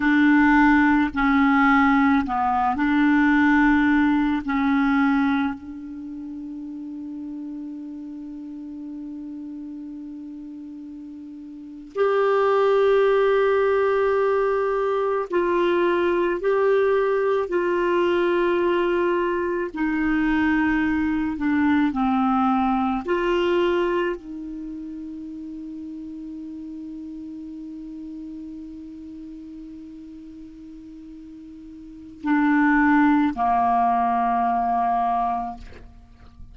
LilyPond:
\new Staff \with { instrumentName = "clarinet" } { \time 4/4 \tempo 4 = 54 d'4 cis'4 b8 d'4. | cis'4 d'2.~ | d'2~ d'8. g'4~ g'16~ | g'4.~ g'16 f'4 g'4 f'16~ |
f'4.~ f'16 dis'4. d'8 c'16~ | c'8. f'4 dis'2~ dis'16~ | dis'1~ | dis'4 d'4 ais2 | }